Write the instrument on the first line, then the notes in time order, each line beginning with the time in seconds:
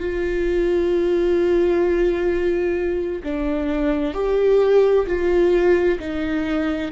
viola
0.00 F4
3.24 D4
4.14 G4
5.07 F4
6.00 D#4